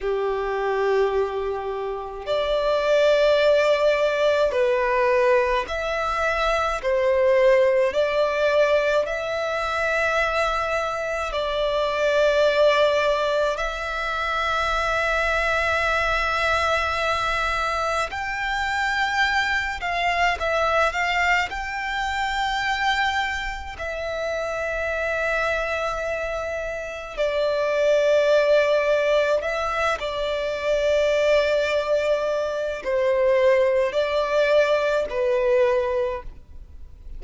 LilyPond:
\new Staff \with { instrumentName = "violin" } { \time 4/4 \tempo 4 = 53 g'2 d''2 | b'4 e''4 c''4 d''4 | e''2 d''2 | e''1 |
g''4. f''8 e''8 f''8 g''4~ | g''4 e''2. | d''2 e''8 d''4.~ | d''4 c''4 d''4 b'4 | }